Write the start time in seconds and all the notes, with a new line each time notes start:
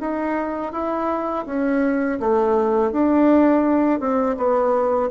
0.00 D#4
0.72 E4
1.45 C#4
2.20 A3
2.91 D4
3.99 C4
4.37 B3